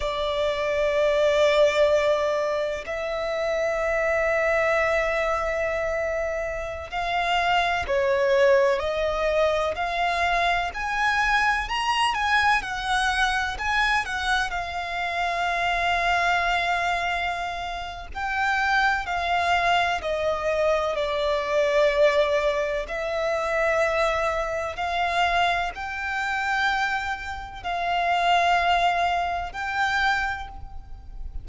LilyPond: \new Staff \with { instrumentName = "violin" } { \time 4/4 \tempo 4 = 63 d''2. e''4~ | e''2.~ e''16 f''8.~ | f''16 cis''4 dis''4 f''4 gis''8.~ | gis''16 ais''8 gis''8 fis''4 gis''8 fis''8 f''8.~ |
f''2. g''4 | f''4 dis''4 d''2 | e''2 f''4 g''4~ | g''4 f''2 g''4 | }